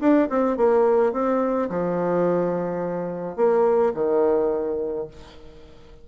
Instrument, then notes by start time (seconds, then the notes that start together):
bassoon
0.00 D4
0.29 C4
0.57 A#3
1.12 C4
1.69 F3
3.36 A#3
3.94 D#3